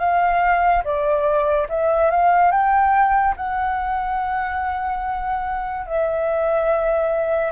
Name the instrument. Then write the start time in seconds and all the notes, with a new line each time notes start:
flute
0.00 F5
0.84 D5
1.69 E5
2.11 F5
2.52 G5
3.37 F#5
5.86 E5